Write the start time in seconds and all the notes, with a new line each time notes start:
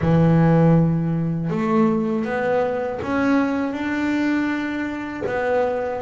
0.01 E3
1.50 A3
2.25 B3
3.02 C#4
3.73 D4
5.26 B3